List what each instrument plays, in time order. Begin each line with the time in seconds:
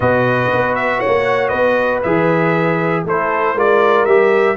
0.00 tuba B2, trombone F#4, horn B4, trumpet D#5
0.53 tuba B3
0.75 trumpet E5
0.99 horn C#5, trumpet F#5
1.06 tuba A#3
1.48 tuba B3, horn B4, trumpet D#5
2.02 tuba E3, trombone G#4, trumpet E5
3.04 tuba A3, trombone E4, horn A4, trumpet C5
3.55 tuba G#3, trombone F4, horn A#4, trumpet D5
4.05 tuba G3, trombone G4, trumpet E5